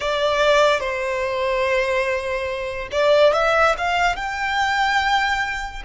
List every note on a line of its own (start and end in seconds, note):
0.00 0.80 D5
0.80 2.88 C5
2.91 3.33 D5
3.33 3.75 E5
3.77 4.16 F5
4.16 5.83 G5